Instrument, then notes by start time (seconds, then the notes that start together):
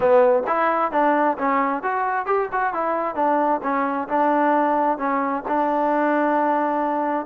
trombone
0.00 B3
0.47 E4
0.91 D4
1.38 C#4
1.82 F#4
2.25 G4
2.52 F#4
2.73 E4
3.15 D4
3.62 C#4
4.08 D4
4.98 C#4
5.48 D4